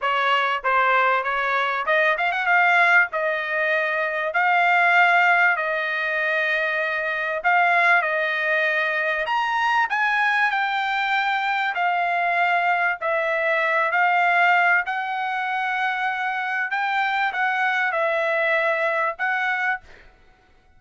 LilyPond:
\new Staff \with { instrumentName = "trumpet" } { \time 4/4 \tempo 4 = 97 cis''4 c''4 cis''4 dis''8 f''16 fis''16 | f''4 dis''2 f''4~ | f''4 dis''2. | f''4 dis''2 ais''4 |
gis''4 g''2 f''4~ | f''4 e''4. f''4. | fis''2. g''4 | fis''4 e''2 fis''4 | }